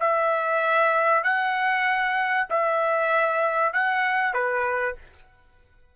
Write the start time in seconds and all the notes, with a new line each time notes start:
0.00 E5
1.24 F#5
2.50 E5
3.73 F#5
4.34 B4